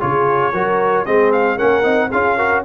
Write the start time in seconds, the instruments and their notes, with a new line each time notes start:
0.00 tuba C#3, trombone F4, horn G#4, trumpet C#5
0.53 tuba F#3, trombone F#4, horn A#4
1.05 tuba G#3, trombone C4, horn G#4, trumpet D#5
1.32 trumpet F5
1.55 trombone C#4, horn A#4, trumpet F#5
1.62 tuba A#3
1.83 tuba C4, trombone D#4
2.10 tuba C#4, trombone F4, horn G#4, trumpet F5
2.36 trombone F#4, horn A#4